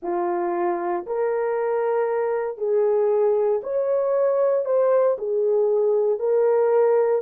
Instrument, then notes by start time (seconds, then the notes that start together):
horn
0.02 F4
1.06 A#4
2.57 G#4
3.63 C#5
4.65 C5
5.18 G#4
6.19 A#4